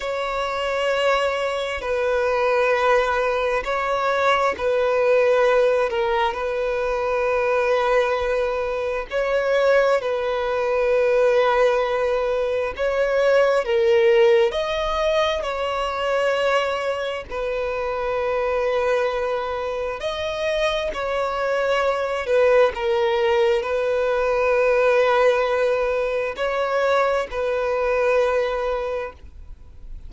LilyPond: \new Staff \with { instrumentName = "violin" } { \time 4/4 \tempo 4 = 66 cis''2 b'2 | cis''4 b'4. ais'8 b'4~ | b'2 cis''4 b'4~ | b'2 cis''4 ais'4 |
dis''4 cis''2 b'4~ | b'2 dis''4 cis''4~ | cis''8 b'8 ais'4 b'2~ | b'4 cis''4 b'2 | }